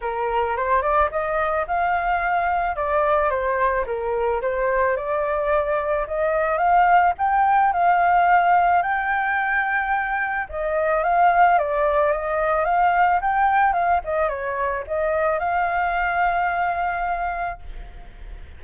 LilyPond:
\new Staff \with { instrumentName = "flute" } { \time 4/4 \tempo 4 = 109 ais'4 c''8 d''8 dis''4 f''4~ | f''4 d''4 c''4 ais'4 | c''4 d''2 dis''4 | f''4 g''4 f''2 |
g''2. dis''4 | f''4 d''4 dis''4 f''4 | g''4 f''8 dis''8 cis''4 dis''4 | f''1 | }